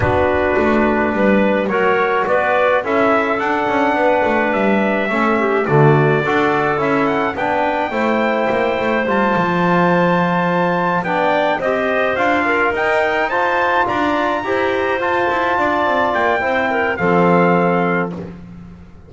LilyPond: <<
  \new Staff \with { instrumentName = "trumpet" } { \time 4/4 \tempo 4 = 106 b'2. cis''4 | d''4 e''4 fis''2 | e''2 d''2 | e''8 fis''8 g''2. |
a''2.~ a''8 g''8~ | g''8 dis''4 f''4 g''4 a''8~ | a''8 ais''2 a''4.~ | a''8 g''4. f''2 | }
  \new Staff \with { instrumentName = "clarinet" } { \time 4/4 fis'2 b'4 ais'4 | b'4 a'2 b'4~ | b'4 a'8 g'8 fis'4 a'4~ | a'4 b'4 c''2~ |
c''2.~ c''8 d''8~ | d''8 c''4. ais'4. c''8~ | c''8 d''4 c''2 d''8~ | d''4 c''8 ais'8 a'2 | }
  \new Staff \with { instrumentName = "trombone" } { \time 4/4 d'2. fis'4~ | fis'4 e'4 d'2~ | d'4 cis'4 a4 fis'4 | e'4 d'4 e'2 |
f'2.~ f'8 d'8~ | d'8 g'4 f'4 dis'4 f'8~ | f'4. g'4 f'4.~ | f'4 e'4 c'2 | }
  \new Staff \with { instrumentName = "double bass" } { \time 4/4 b4 a4 g4 fis4 | b4 cis'4 d'8 cis'8 b8 a8 | g4 a4 d4 d'4 | cis'4 b4 a4 ais8 a8 |
g8 f2. b8~ | b8 c'4 d'4 dis'4.~ | dis'8 d'4 e'4 f'8 e'8 d'8 | c'8 ais8 c'4 f2 | }
>>